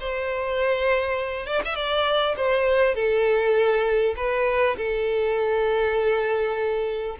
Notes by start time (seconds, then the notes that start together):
0.00 C5
1.46 D5
1.65 E5
1.75 D5
2.37 C5
2.95 A4
4.16 B4
4.77 A4